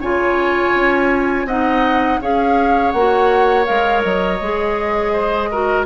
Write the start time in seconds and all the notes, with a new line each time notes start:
0.00 C#3 F4 C#5 G#5
0.74 C#4
1.45 C4 D#4 D#5 F#5
2.21 C#4 G#4 C#5 F5
2.91 A#3 F#4 F#5
3.64 G#3 A#4 F5
4.02 F#3 D#5
4.40 G#3 G#4
5.12 C5
5.51 F#4 A#4